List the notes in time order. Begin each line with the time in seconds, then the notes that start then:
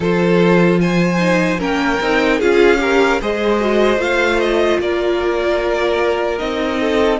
0.00 F3 F4 A4 C5
0.80 C5 G#5
1.19 D#4
1.58 A#3 C#4 A#4 G5
2.00 C4 D#4
2.38 C#4 F4 G#4 F5
2.77 G4 A#4
3.21 G#3 G#4 C5 D#5
3.60 F#4
3.97 A3 F4 F5
4.39 D#5
4.79 A#3 A#4 D5
6.38 C4 D#4 D#5
6.80 A4